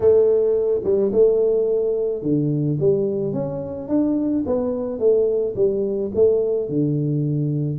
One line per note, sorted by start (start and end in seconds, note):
0.00 0.81 A3
0.84 1.11 G3
1.12 2.22 A3
2.22 2.78 D3
2.79 3.33 G3
3.33 3.88 C#4
3.88 4.43 D4
4.46 4.98 B3
4.98 5.54 A3
5.55 6.11 G3
6.14 6.68 A3
6.68 7.79 D3